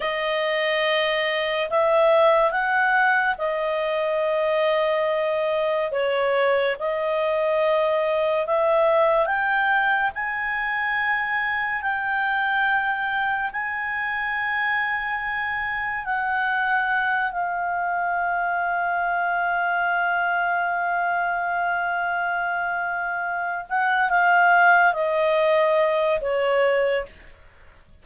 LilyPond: \new Staff \with { instrumentName = "clarinet" } { \time 4/4 \tempo 4 = 71 dis''2 e''4 fis''4 | dis''2. cis''4 | dis''2 e''4 g''4 | gis''2 g''2 |
gis''2. fis''4~ | fis''8 f''2.~ f''8~ | f''1 | fis''8 f''4 dis''4. cis''4 | }